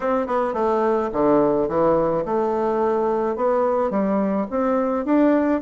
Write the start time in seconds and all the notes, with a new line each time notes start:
0.00 C4
0.27 B3
0.53 A3
1.12 D3
1.68 E3
2.25 A3
3.36 B3
3.90 G3
4.50 C4
5.05 D4